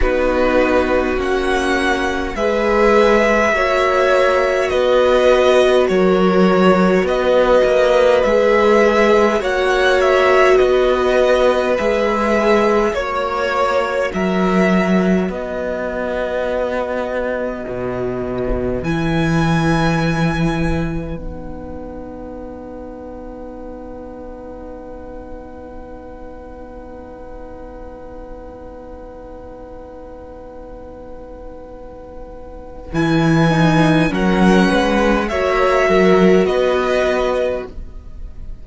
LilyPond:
<<
  \new Staff \with { instrumentName = "violin" } { \time 4/4 \tempo 4 = 51 b'4 fis''4 e''2 | dis''4 cis''4 dis''4 e''4 | fis''8 e''8 dis''4 e''4 cis''4 | e''4 dis''2. |
gis''2 fis''2~ | fis''1~ | fis''1 | gis''4 fis''4 e''4 dis''4 | }
  \new Staff \with { instrumentName = "violin" } { \time 4/4 fis'2 b'4 cis''4 | b'4 ais'4 b'2 | cis''4 b'2 cis''4 | ais'4 b'2.~ |
b'1~ | b'1~ | b'1~ | b'4 ais'8 b'8 cis''8 ais'8 b'4 | }
  \new Staff \with { instrumentName = "viola" } { \time 4/4 dis'4 cis'4 gis'4 fis'4~ | fis'2. gis'4 | fis'2 gis'4 fis'4~ | fis'1 |
e'2 dis'2~ | dis'1~ | dis'1 | e'8 dis'8 cis'4 fis'2 | }
  \new Staff \with { instrumentName = "cello" } { \time 4/4 b4 ais4 gis4 ais4 | b4 fis4 b8 ais8 gis4 | ais4 b4 gis4 ais4 | fis4 b2 b,4 |
e2 b2~ | b1~ | b1 | e4 fis8 gis8 ais8 fis8 b4 | }
>>